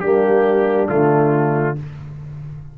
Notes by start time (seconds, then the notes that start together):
0.00 G3 A#3 D4 G4
0.88 D3 A3 F4